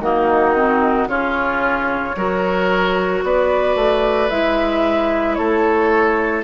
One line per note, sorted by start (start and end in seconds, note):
0.00 1.07 D#3
0.00 0.55 A#3
0.00 1.08 D#4
0.00 1.08 F#4
0.55 1.08 C4
1.07 2.14 C#3
1.07 2.15 C#4
1.07 2.16 F4
1.07 3.23 C#5
2.16 3.23 F#3
2.16 4.30 F#4
2.16 3.24 A#4
3.23 3.75 B3
3.23 5.37 B4
3.23 4.29 D5
3.75 4.29 A3
4.29 5.38 G#3
4.29 6.43 E4
4.29 5.35 E5
5.35 6.43 A3
5.35 6.43 A4
5.35 6.42 C#5